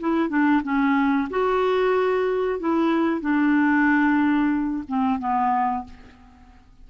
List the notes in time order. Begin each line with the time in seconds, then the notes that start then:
0.00 E4
0.29 D4
0.63 C#4
1.30 F#4
2.59 E4
3.20 D4
4.88 C4
5.19 B3